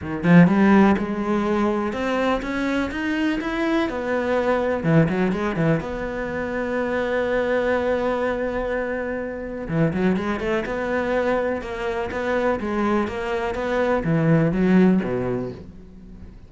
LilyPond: \new Staff \with { instrumentName = "cello" } { \time 4/4 \tempo 4 = 124 dis8 f8 g4 gis2 | c'4 cis'4 dis'4 e'4 | b2 e8 fis8 gis8 e8 | b1~ |
b1 | e8 fis8 gis8 a8 b2 | ais4 b4 gis4 ais4 | b4 e4 fis4 b,4 | }